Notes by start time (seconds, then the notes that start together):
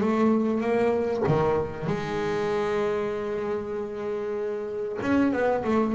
0.00 A3
0.61 A#3
1.27 D#3
1.86 G#3
5.01 C#4
5.33 B3
5.64 A3